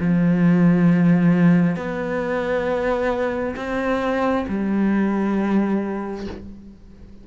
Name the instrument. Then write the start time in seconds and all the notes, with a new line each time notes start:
cello
0.00 F3
1.76 B3
3.57 C4
4.48 G3